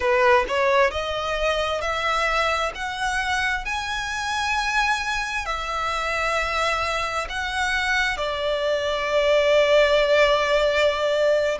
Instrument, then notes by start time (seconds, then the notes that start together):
violin
0.00 B4
0.48 C#5
0.90 D#5
1.81 E5
2.74 F#5
3.65 G#5
5.45 E5
7.29 F#5
8.17 D5